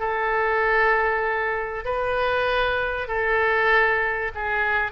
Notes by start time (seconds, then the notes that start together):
0.00 A4
1.85 B4
3.08 A4
4.35 G#4